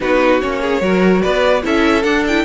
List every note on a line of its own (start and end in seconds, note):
0.00 0.42 B3
0.00 0.41 D#4
0.00 0.61 F#4
0.00 0.40 B4
0.40 0.80 A#3
0.40 0.80 C#4
0.40 1.22 C#5
0.61 0.81 G#4
0.80 1.21 F#3
0.80 1.61 F#4
0.80 1.21 A#4
1.21 1.64 B3
1.21 1.62 B4
1.21 1.63 D5
1.61 2.04 C#4
1.61 2.03 E4
1.61 2.45 A4
1.61 2.03 E5
2.03 2.24 D4
2.03 2.45 D4
2.03 2.23 F#5
2.27 2.45 E4
2.27 2.45 G5